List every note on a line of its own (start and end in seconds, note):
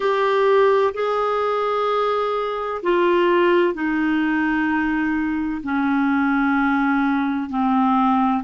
0.00 0.93 G4
0.94 2.81 G#4
2.82 3.74 F4
3.74 5.61 D#4
5.63 7.49 C#4
7.49 8.43 C4